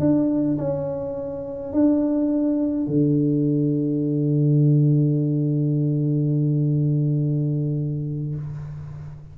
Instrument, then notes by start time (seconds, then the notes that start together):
tuba
0.00 D4
0.58 C#4
1.73 D4
2.88 D3